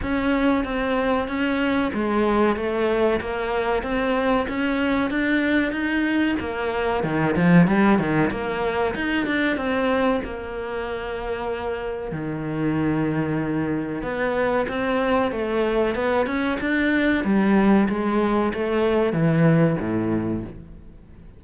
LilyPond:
\new Staff \with { instrumentName = "cello" } { \time 4/4 \tempo 4 = 94 cis'4 c'4 cis'4 gis4 | a4 ais4 c'4 cis'4 | d'4 dis'4 ais4 dis8 f8 | g8 dis8 ais4 dis'8 d'8 c'4 |
ais2. dis4~ | dis2 b4 c'4 | a4 b8 cis'8 d'4 g4 | gis4 a4 e4 a,4 | }